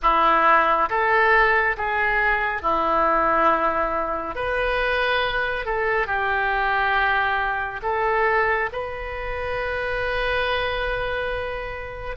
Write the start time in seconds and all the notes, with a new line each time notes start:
0.02 E4
0.89 A4
1.77 G#4
2.62 E4
4.35 B4
5.65 A4
6.06 G4
7.82 A4
8.72 B4